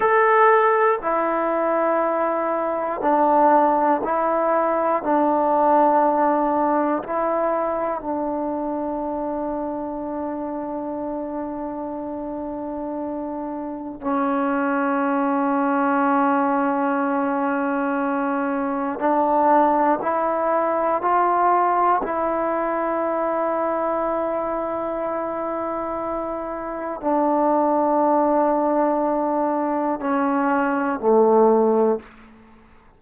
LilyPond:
\new Staff \with { instrumentName = "trombone" } { \time 4/4 \tempo 4 = 60 a'4 e'2 d'4 | e'4 d'2 e'4 | d'1~ | d'2 cis'2~ |
cis'2. d'4 | e'4 f'4 e'2~ | e'2. d'4~ | d'2 cis'4 a4 | }